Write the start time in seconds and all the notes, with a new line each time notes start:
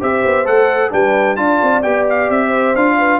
0.00 C4 G4 C5 E5
0.25 B3
0.45 A3 A4 F#5
0.90 G3 D4 B4 G5
1.36 D4 F4 D5 A5
1.62 C4
1.83 B3 G4 G5
2.10 F5
2.30 C4 E5
2.48 C5
2.75 D4 F4 F5
2.98 B4